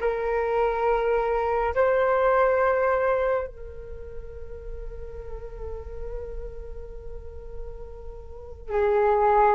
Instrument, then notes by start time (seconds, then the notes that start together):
flute
0.00 A#4
1.75 C5
3.47 A#4
8.69 G#4